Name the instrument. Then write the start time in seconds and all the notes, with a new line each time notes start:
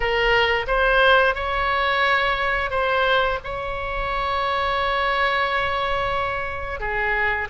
oboe
0.00 A#4
0.67 C5
1.35 C#5
2.70 C5
3.44 C#5
6.80 G#4